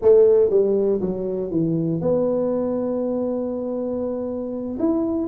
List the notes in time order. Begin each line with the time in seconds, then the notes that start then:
0.01 A3
0.50 G3
1.00 F#3
1.50 E3
2.01 B3
4.79 E4